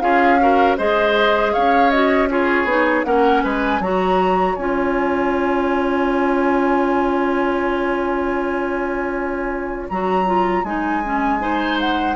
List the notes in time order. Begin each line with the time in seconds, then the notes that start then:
0.00 C#4 F4 G#4 F5
0.40 F#4 A#4
0.77 G#3 G#4 C5 D#5
1.53 C#4 C#5 F5
1.90 F#4 D#5
2.29 F4 G#4 C#5
2.64 B3 D#4
3.04 A#3 C#4 A#4 F#5
3.44 G#3 B4 G#5
3.79 F#3 F#4 C#5 A#5
4.55 C#4 F4 G#5
9.89 F#3 F#4 A#5
10.26 F4
10.63 G#3 D#4 G#5
11.04 C#4
11.40 D#4 C5
11.80 F#5